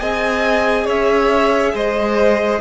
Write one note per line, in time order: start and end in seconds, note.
0.00 0.87 C4
0.00 2.61 G#4
0.00 0.86 D#5
0.00 0.87 G#5
0.86 1.74 C#4
0.86 1.72 C#5
0.86 1.76 E5
1.74 2.61 G#3
1.74 2.61 C5
1.74 2.61 D#5